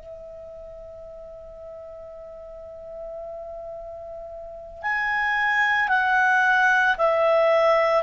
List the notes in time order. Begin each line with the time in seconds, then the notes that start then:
0.00 E5
4.82 G#5
5.88 F#5
6.97 E5